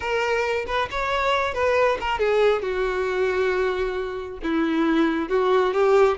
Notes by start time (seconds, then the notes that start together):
0.00 A#4
0.66 B4
0.90 C#5
1.53 B4
2.00 A#4
2.19 G#4
2.62 F#4
4.43 E4
5.29 F#4
5.73 G4